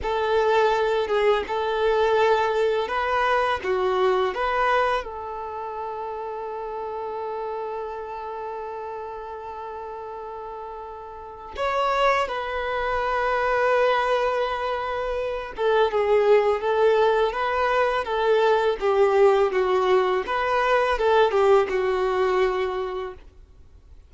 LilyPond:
\new Staff \with { instrumentName = "violin" } { \time 4/4 \tempo 4 = 83 a'4. gis'8 a'2 | b'4 fis'4 b'4 a'4~ | a'1~ | a'1 |
cis''4 b'2.~ | b'4. a'8 gis'4 a'4 | b'4 a'4 g'4 fis'4 | b'4 a'8 g'8 fis'2 | }